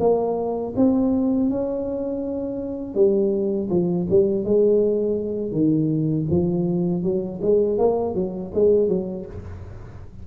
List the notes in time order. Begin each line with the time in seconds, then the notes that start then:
0.00 A#3
0.76 C4
1.50 C#4
2.95 G3
3.70 F3
4.10 G3
4.44 G#3
5.52 D#3
6.31 F3
7.03 F#3
7.42 G#3
7.78 A#3
8.15 F#3
8.54 G#3
8.89 F#3